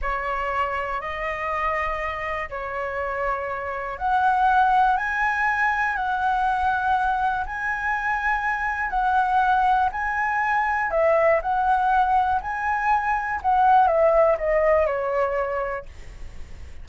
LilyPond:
\new Staff \with { instrumentName = "flute" } { \time 4/4 \tempo 4 = 121 cis''2 dis''2~ | dis''4 cis''2. | fis''2 gis''2 | fis''2. gis''4~ |
gis''2 fis''2 | gis''2 e''4 fis''4~ | fis''4 gis''2 fis''4 | e''4 dis''4 cis''2 | }